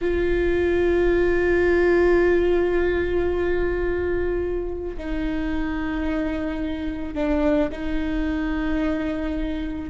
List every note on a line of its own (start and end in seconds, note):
0.01 4.96 F4
4.97 7.14 D#4
7.14 7.69 D4
7.71 9.90 D#4